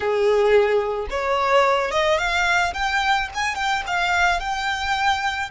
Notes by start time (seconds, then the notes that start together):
0.00 G#4
1.09 C#5
1.91 D#5
2.18 F5
2.73 G5
3.34 G#5
3.55 G5
3.86 F5
4.40 G5